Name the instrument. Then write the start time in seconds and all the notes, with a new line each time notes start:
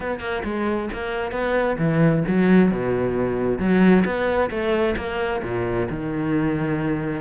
cello
0.00 B3
0.20 A#3
0.44 G#3
0.93 A#3
1.31 B3
1.78 E3
2.27 F#3
2.71 B2
3.58 F#3
4.05 B3
4.50 A3
4.96 A#3
5.43 A#2
5.90 D#3